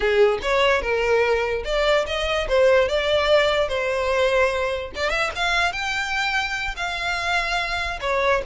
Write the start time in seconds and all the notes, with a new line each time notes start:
0.00 G#4
0.41 C#5
0.81 A#4
1.64 D5
2.06 D#5
2.48 C5
2.88 D5
3.68 C5
4.95 D5
5.10 E5
5.35 F5
5.72 G5
6.76 F5
8.00 C#5